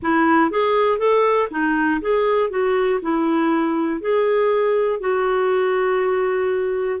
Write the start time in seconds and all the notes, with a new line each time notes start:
0.02 E4
0.50 G#4
0.98 A4
1.50 D#4
2.00 G#4
2.50 F#4
3.02 E4
4.00 G#4
5.00 F#4